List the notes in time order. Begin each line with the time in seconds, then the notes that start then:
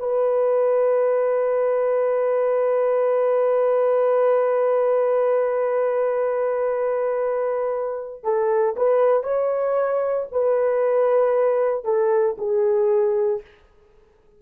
0.00 B4
8.24 A4
8.77 B4
9.24 C#5
10.32 B4
11.85 A4
12.38 G#4